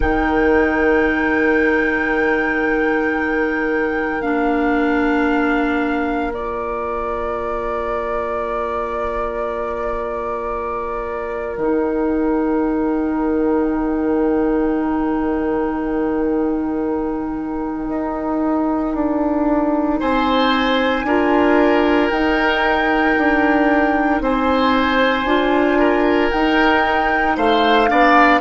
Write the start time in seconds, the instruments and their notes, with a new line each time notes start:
0.00 bassoon D#3, clarinet D#4, oboe A#4, flute G5
4.21 bassoon A#3, clarinet D4, flute F5
6.31 clarinet F4, flute D5
11.56 bassoon D#3, clarinet D#4, flute G5
17.89 bassoon D#4
18.94 bassoon D4
20.00 bassoon C4, oboe C5, flute G#5
21.04 bassoon D4, clarinet F4, oboe A#4
22.10 bassoon D#4, clarinet D#4, flute G5
23.17 bassoon D4
24.20 bassoon C4, oboe C5, flute G#5
25.24 bassoon D4, clarinet F4
25.78 oboe A#4
26.30 bassoon D#4, clarinet D#4, flute G5
27.36 bassoon A3, oboe C5, flute F5
27.87 bassoon B3, clarinet D4, oboe D5